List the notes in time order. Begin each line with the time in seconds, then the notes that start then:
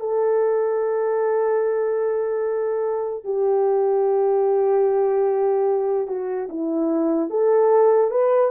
0.00 A4
3.24 G4
6.08 F#4
6.49 E4
7.30 A4
8.11 B4